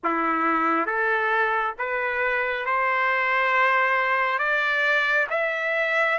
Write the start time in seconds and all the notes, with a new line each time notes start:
0.03 E4
0.85 A4
1.78 B4
2.65 C5
4.38 D5
5.29 E5